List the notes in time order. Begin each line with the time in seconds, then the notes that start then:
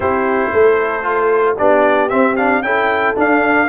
0.00 C4 E4 G4 C5
0.53 A3 A4
1.02 F4
1.57 B3 D4 G4 D5
2.09 C4 E5
2.36 D4 F5
2.62 C#4 E4 A4 G5
3.15 D4 F5